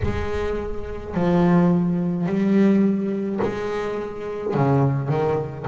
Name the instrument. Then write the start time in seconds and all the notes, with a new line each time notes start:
double bass
0.03 G#3
1.14 F3
2.26 G3
3.42 G#3
4.54 C#3
5.08 D#3